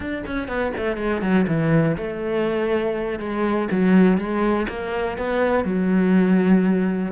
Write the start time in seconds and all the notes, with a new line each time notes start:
0.00 D4
0.26 C#4
0.47 B3
0.77 A3
0.97 G#3
1.21 F#3
1.47 E3
1.97 A3
3.19 G#3
3.71 F#3
4.17 G#3
4.68 A#3
5.17 B3
5.64 F#3